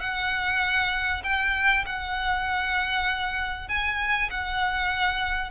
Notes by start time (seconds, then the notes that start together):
0.00 F#5
1.24 G5
1.86 F#5
3.68 G#5
4.30 F#5